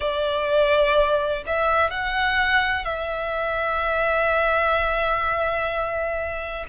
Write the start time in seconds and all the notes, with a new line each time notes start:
0.00 D5
1.46 E5
1.90 F#5
2.84 E5